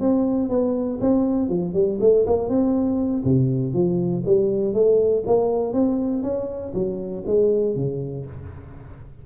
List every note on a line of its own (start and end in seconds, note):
0.00 0.49 C4
0.49 0.99 B3
1.01 1.49 C4
1.49 1.74 F3
1.74 1.99 G3
2.01 2.26 A3
2.27 2.49 A#3
2.49 3.24 C4
3.25 3.74 C3
3.74 4.24 F3
4.26 4.74 G3
4.74 5.24 A3
5.27 5.73 A#3
5.73 6.23 C4
6.23 6.73 C#4
6.74 7.24 F#3
7.26 7.76 G#3
7.76 8.26 C#3